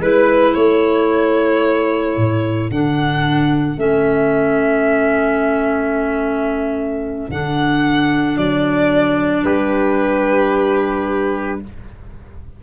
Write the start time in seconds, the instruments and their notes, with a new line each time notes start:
0.00 tuba G#3, clarinet E4, trumpet B4, violin B4
0.51 tuba A3, trumpet A4, violin C#5
2.17 tuba A2
2.71 tuba D3, clarinet D4, violin F#5
3.77 tuba A3, clarinet C#4, violin E5
7.29 tuba D3, clarinet D4, violin F#5
8.37 tuba F#3, violin D5
9.44 tuba G3, trumpet G4, violin B4